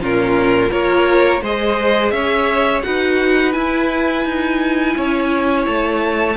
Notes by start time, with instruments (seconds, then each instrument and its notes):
0.00 cello A#2, viola C#4, violin F4 A#4
0.70 cello A#3, viola F4, violin A#4 C#5
1.42 cello G#3, viola G#4, violin C5 D#5
2.11 cello C#4, violin C#5 E5
2.83 cello D#4, viola F#4, violin B4 F#5
3.53 viola E4, cello E4, violin G#5
4.25 cello D#4
4.97 cello C#4, violin C#5
5.67 cello A3, violin A5